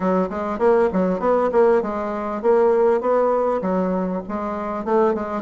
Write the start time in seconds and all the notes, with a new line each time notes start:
0.00 F#3
0.29 G#3
0.58 A#3
0.92 F#3
1.19 B3
1.52 A#3
1.82 G#3
2.42 A#3
3.00 B3
3.61 F#3
4.28 G#3
4.85 A3
5.14 G#3